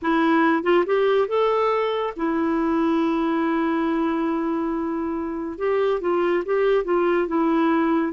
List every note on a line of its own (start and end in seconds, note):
0.02 0.63 E4
0.63 0.84 F4
0.86 1.28 G4
1.28 2.13 A4
2.16 5.58 E4
5.58 6.00 G4
6.01 6.43 F4
6.45 6.84 G4
6.84 7.27 F4
7.27 8.12 E4